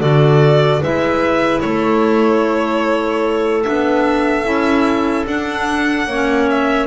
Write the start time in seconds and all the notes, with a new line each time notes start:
0.00 D3 F#4 A4 D5
0.80 G#3 E4 B4 E5
1.60 A3 A4 C#5
3.64 B3 D4 E5
4.44 C#4 E4
5.27 D4 F#5
6.07 A#3 C#4 C#5
6.50 E5